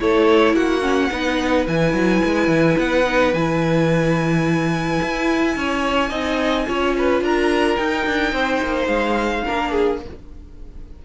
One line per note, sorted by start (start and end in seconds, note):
0.00 0.53 A3
0.00 0.81 E4
0.00 0.56 A4
0.00 0.56 C#5
0.53 1.09 A#3
0.53 1.12 F#4
0.53 1.67 F#5
0.81 1.09 C#4
1.12 1.67 B3
1.12 1.67 D#4
1.12 5.56 B4
1.67 1.93 E3
1.67 3.06 E4
1.67 2.79 G#5
1.93 2.21 F#3
2.25 2.48 G#3
2.48 2.76 E3
2.78 3.34 B3
2.78 3.34 F#5
3.06 3.34 D#4
3.34 5.00 E3
3.34 6.10 E4
3.34 7.23 G#5
5.03 5.56 E4
5.56 6.11 C#4
5.56 6.10 C#5
6.10 6.66 C4
6.10 6.66 D#4
6.10 6.66 D#5
6.67 7.21 C#4
6.67 7.78 F4
6.67 6.96 C#5
6.98 7.24 B4
7.21 7.77 D4
7.21 8.34 A#4
7.21 7.77 A#5
7.77 9.45 D#4
7.77 8.07 D#4
7.77 8.87 G5
8.07 8.33 D4
8.33 8.60 C4
8.33 9.45 C5
8.63 8.87 A#3
8.87 9.43 G#3
8.87 9.98 F5
9.45 10.05 A#3
9.45 10.02 D4
9.45 9.72 A#4
9.72 9.99 G#4